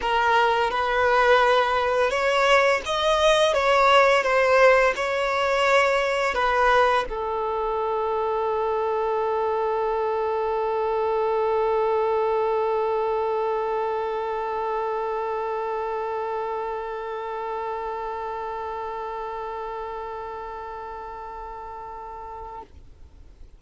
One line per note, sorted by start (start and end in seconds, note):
0.01 0.70 A#4
0.70 2.10 B4
2.10 2.81 C#5
2.85 3.53 D#5
3.53 4.23 C#5
4.23 4.93 C5
4.95 6.34 C#5
6.34 7.05 B4
7.09 22.62 A4